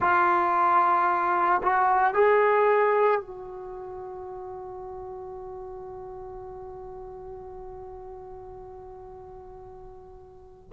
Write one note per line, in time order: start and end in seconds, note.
0.00 1.61 F4
1.62 2.14 F#4
2.14 3.20 G#4
3.20 10.70 F#4